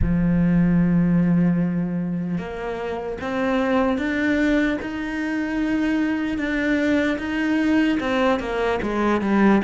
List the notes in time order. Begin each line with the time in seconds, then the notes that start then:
0.01 F3
2.37 A#3
3.21 C4
3.98 D4
4.81 D#4
6.37 D4
7.18 D#4
8.00 C4
8.39 A#3
8.82 G#3
9.21 G3